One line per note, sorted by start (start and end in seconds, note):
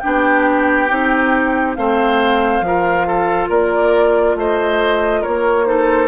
0.00 0.90 B3
0.00 0.89 D4
0.00 1.77 G4
0.00 1.74 G5
0.89 1.77 C4
0.89 1.76 D#4
1.75 2.61 A3
1.75 2.64 C4
1.75 2.65 C5
1.75 3.49 F5
2.61 3.48 F3
2.61 5.66 F4
2.67 3.07 A#4
3.07 3.49 A4
3.49 4.35 A#3
3.49 4.36 A#4
3.49 4.37 D5
4.35 5.22 A3
4.35 5.21 C5
4.35 5.24 D#5
5.21 6.08 A#3
5.21 5.65 A#4
5.21 5.67 C#5
5.66 6.08 D#4
5.66 6.08 A4
5.66 6.08 C5